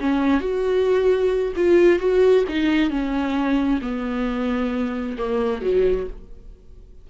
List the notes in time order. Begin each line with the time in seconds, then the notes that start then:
0.00 C#4
0.40 F#4
1.56 F4
1.99 F#4
2.49 D#4
2.90 C#4
3.82 B3
5.18 A#3
5.62 F#3